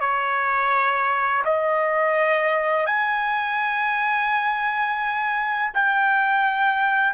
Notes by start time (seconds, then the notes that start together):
0.00 C#5
1.44 D#5
2.86 G#5
5.74 G5